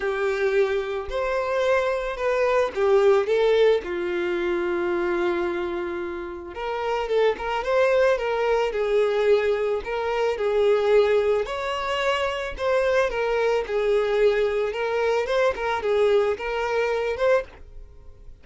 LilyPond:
\new Staff \with { instrumentName = "violin" } { \time 4/4 \tempo 4 = 110 g'2 c''2 | b'4 g'4 a'4 f'4~ | f'1 | ais'4 a'8 ais'8 c''4 ais'4 |
gis'2 ais'4 gis'4~ | gis'4 cis''2 c''4 | ais'4 gis'2 ais'4 | c''8 ais'8 gis'4 ais'4. c''8 | }